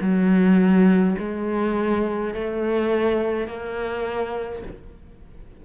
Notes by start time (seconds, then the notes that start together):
0.00 F#3
1.19 G#3
2.34 A3
3.47 A#3